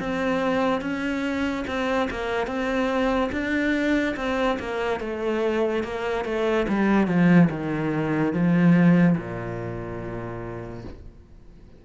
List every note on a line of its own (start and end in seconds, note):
0.00 0.81 C4
0.81 1.65 C#4
1.67 2.09 C4
2.11 2.47 A#3
2.47 3.30 C4
3.33 4.16 D4
4.17 4.58 C4
4.59 5.00 A#3
5.00 5.84 A3
5.84 6.25 A#3
6.25 6.67 A3
6.69 7.08 G3
7.08 7.49 F3
7.50 8.33 D#3
8.33 9.17 F3
9.18 10.84 A#2